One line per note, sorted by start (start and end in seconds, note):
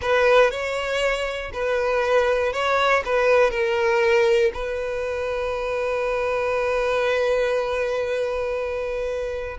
0.01 0.50 B4
0.50 1.51 C#5
1.53 2.52 B4
2.52 3.03 C#5
3.05 3.50 B4
3.50 4.51 A#4
4.53 9.57 B4